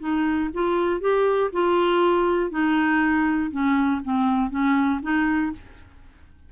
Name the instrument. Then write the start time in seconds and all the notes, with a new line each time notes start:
clarinet
0.00 D#4
0.54 F4
1.01 G4
1.52 F4
2.50 D#4
3.51 C#4
4.04 C4
4.50 C#4
5.02 D#4